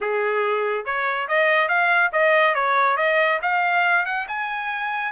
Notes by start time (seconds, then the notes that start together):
0.00 G#4
0.85 C#5
1.28 D#5
1.68 F5
2.12 D#5
2.54 C#5
2.97 D#5
3.42 F5
4.05 F#5
4.27 G#5